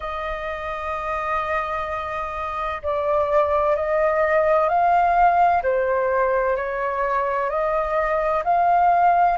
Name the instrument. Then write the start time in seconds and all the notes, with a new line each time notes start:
flute
0.00 D#5
2.82 D5
3.75 D#5
4.68 F5
5.62 C5
6.56 C#5
7.49 D#5
8.44 F5